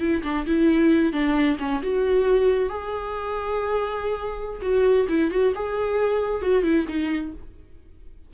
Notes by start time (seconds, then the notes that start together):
0.00 E4
0.23 D4
0.47 E4
1.13 D4
1.59 C#4
1.83 F#4
2.69 G#4
4.62 F#4
5.09 E4
5.31 F#4
5.55 G#4
6.42 F#4
6.63 E4
6.88 D#4